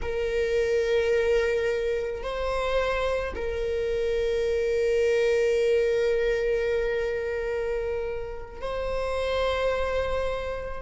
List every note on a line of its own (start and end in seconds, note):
0.02 2.23 A#4
2.23 3.34 C5
3.35 8.61 A#4
8.61 10.82 C5